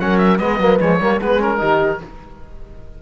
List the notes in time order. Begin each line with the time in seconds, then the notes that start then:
0.00 F#3 C#4 A#4 F#5
0.18 E5
0.39 G#3 B3 B4 D#5
0.59 F#3 A#3
0.80 F3 G#3 C#5
1.00 G3 A#3 A#4
1.18 G#3 B3 G#4 B4
1.39 C#4 A#4
1.58 D#3 D#4 G4